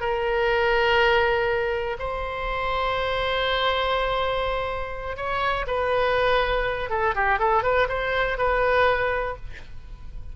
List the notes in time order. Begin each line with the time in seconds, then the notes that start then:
0.00 A#4
1.99 C5
5.16 C#5
5.67 B4
6.90 A4
7.15 G4
7.39 A4
7.63 B4
7.88 C5
8.37 B4